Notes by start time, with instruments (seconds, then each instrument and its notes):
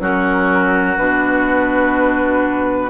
0.00 bassoon F#3, clarinet C#4, oboe F#4, flute A#4
0.98 bassoon B2, clarinet D4, flute B4